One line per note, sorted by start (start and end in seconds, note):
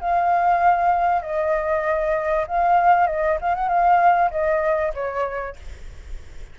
0.00 1.22 F5
1.22 2.46 D#5
2.47 3.07 F5
3.07 3.38 D#5
3.41 3.55 F5
3.55 3.69 F#5
3.69 4.30 F5
4.31 4.93 D#5
4.94 5.56 C#5